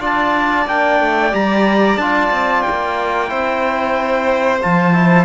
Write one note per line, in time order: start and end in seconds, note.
0.00 0.66 D4
0.00 0.66 F4
0.00 3.30 D5
0.00 0.68 A5
0.67 1.00 A#3
0.67 1.31 D4
0.67 1.34 G5
1.00 1.33 A3
1.31 1.97 G3
1.31 1.97 G4
1.31 1.98 A#5
1.97 2.30 D4
1.97 3.28 F4
1.97 2.62 A5
2.31 2.64 C4
2.62 4.60 G5
2.69 3.31 A#3
3.28 4.63 C4
3.28 4.60 E4
3.28 5.25 C5
4.61 5.25 F3
4.61 4.93 F4
4.61 5.25 A5
4.93 5.25 E4